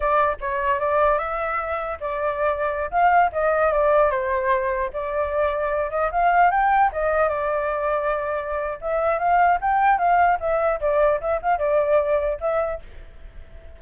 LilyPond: \new Staff \with { instrumentName = "flute" } { \time 4/4 \tempo 4 = 150 d''4 cis''4 d''4 e''4~ | e''4 d''2~ d''16 f''8.~ | f''16 dis''4 d''4 c''4.~ c''16~ | c''16 d''2~ d''8 dis''8 f''8.~ |
f''16 g''4 dis''4 d''4.~ d''16~ | d''2 e''4 f''4 | g''4 f''4 e''4 d''4 | e''8 f''8 d''2 e''4 | }